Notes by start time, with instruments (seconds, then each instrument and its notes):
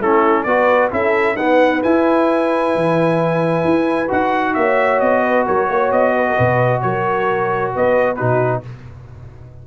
0.00 tuba A3, trombone C#4, horn E4, trumpet A4
0.43 tuba B3, trombone F#4, horn B4, trumpet D5
0.91 tuba C#4, trombone E4, horn A4, trumpet E5
1.36 trombone B3, tuba D#4, horn B4, trumpet F#5
1.83 trombone E4, tuba E4, trumpet G#5
2.75 tuba E3
3.64 tuba E4
4.08 tuba D#4, trombone F#4, trumpet F#5
4.54 tuba A#3, horn C#5, trumpet E5
5.00 tuba B3, trumpet D#5
5.24 horn B4
5.47 tuba F#3, horn A#4, trumpet C#5
5.69 tuba A#3, horn C#5
5.91 tuba B3, trumpet D#5
6.16 horn B4
6.28 horn A#4
6.36 tuba B2, horn B4
6.81 tuba F#3, horn A#4, trumpet C#5
7.75 tuba B3, horn B4, trumpet D#5
8.16 tuba B2, trombone D#4, horn F#4, trumpet B4